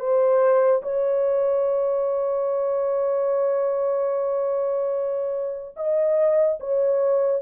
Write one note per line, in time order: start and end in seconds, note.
0.00 0.82 C5
0.83 5.76 C#5
5.77 6.59 D#5
6.61 7.43 C#5